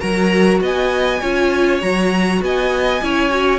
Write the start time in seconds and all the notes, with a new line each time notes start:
0.00 F#3 F#4 A#4 A#5
0.61 B3 D#5 G#5
1.20 C#4 F4 C#5
1.80 F#3 F#4 A#5
2.42 B3 D#5 G#5
3.02 C#4 E4 C#5
3.30 F#4